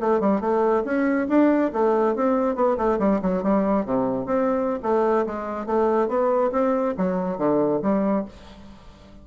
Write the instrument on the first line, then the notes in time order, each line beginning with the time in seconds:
bassoon
0.00 A3
0.20 G3
0.41 A3
0.85 C#4
1.28 D4
1.73 A3
2.15 C4
2.55 B3
2.77 A3
2.99 G3
3.22 F#3
3.43 G3
3.85 C3
4.26 C4
4.83 A3
5.26 G#3
5.66 A3
6.08 B3
6.52 C4
6.97 F#3
7.38 D3
7.82 G3